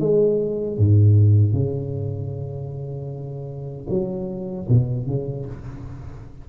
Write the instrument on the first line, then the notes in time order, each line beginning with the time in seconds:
tuba
0.00 G#3
0.78 G#2
1.53 C#3
3.90 F#3
4.69 B2
5.07 C#3